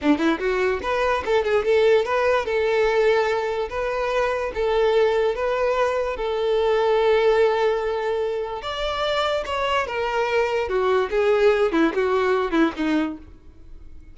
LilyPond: \new Staff \with { instrumentName = "violin" } { \time 4/4 \tempo 4 = 146 d'8 e'8 fis'4 b'4 a'8 gis'8 | a'4 b'4 a'2~ | a'4 b'2 a'4~ | a'4 b'2 a'4~ |
a'1~ | a'4 d''2 cis''4 | ais'2 fis'4 gis'4~ | gis'8 e'8 fis'4. e'8 dis'4 | }